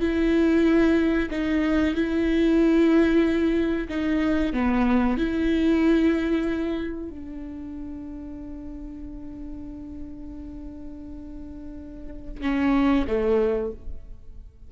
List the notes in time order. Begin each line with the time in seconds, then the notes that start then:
0.00 E4
1.30 D#4
1.94 E4
3.88 D#4
4.53 B3
5.17 E4
7.09 D4
12.41 C#4
13.07 A3